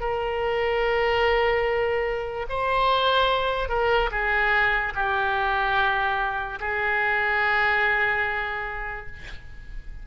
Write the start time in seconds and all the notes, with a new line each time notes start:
0.00 A#4
2.49 C5
3.69 A#4
4.11 G#4
4.95 G4
6.60 G#4